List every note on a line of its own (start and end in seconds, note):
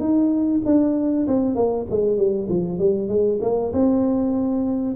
0.00 0.61 D#4
0.66 1.27 D4
1.28 1.56 C4
1.56 1.86 A#3
1.90 2.18 G#3
2.18 2.48 G3
2.50 2.79 F3
2.79 3.09 G3
3.09 3.40 G#3
3.42 3.72 A#3
3.73 4.96 C4